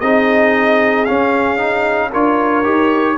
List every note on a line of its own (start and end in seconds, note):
0.00 1.07 C4
0.00 1.07 D#4
0.00 2.10 G#4
0.00 1.05 D#5
1.05 1.58 C#4
1.05 2.14 C#4
1.05 2.10 F5
1.58 2.10 D#4
2.10 2.65 D4
2.10 2.64 F4
2.10 3.15 A#4
2.10 3.18 C#5
2.64 3.18 D#4
2.64 3.16 G4